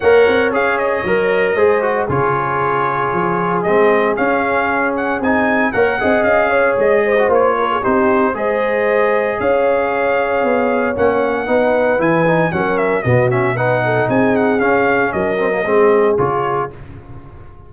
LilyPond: <<
  \new Staff \with { instrumentName = "trumpet" } { \time 4/4 \tempo 4 = 115 fis''4 f''8 dis''2~ dis''8 | cis''2. dis''4 | f''4. fis''8 gis''4 fis''4 | f''4 dis''4 cis''4 c''4 |
dis''2 f''2~ | f''4 fis''2 gis''4 | fis''8 e''8 dis''8 e''8 fis''4 gis''8 fis''8 | f''4 dis''2 cis''4 | }
  \new Staff \with { instrumentName = "horn" } { \time 4/4 cis''2. c''4 | gis'1~ | gis'2. cis''8 dis''8~ | dis''8 cis''4 c''4 ais'16 gis'16 g'4 |
c''2 cis''2~ | cis''2 b'2 | ais'4 fis'4 b'8 a'8 gis'4~ | gis'4 ais'4 gis'2 | }
  \new Staff \with { instrumentName = "trombone" } { \time 4/4 ais'4 gis'4 ais'4 gis'8 fis'8 | f'2. c'4 | cis'2 dis'4 ais'8 gis'8~ | gis'4.~ gis'16 fis'16 f'4 dis'4 |
gis'1~ | gis'4 cis'4 dis'4 e'8 dis'8 | cis'4 b8 cis'8 dis'2 | cis'4. c'16 ais16 c'4 f'4 | }
  \new Staff \with { instrumentName = "tuba" } { \time 4/4 ais8 c'8 cis'4 fis4 gis4 | cis2 f4 gis4 | cis'2 c'4 ais8 c'8 | cis'4 gis4 ais4 c'4 |
gis2 cis'2 | b4 ais4 b4 e4 | fis4 b,2 c'4 | cis'4 fis4 gis4 cis4 | }
>>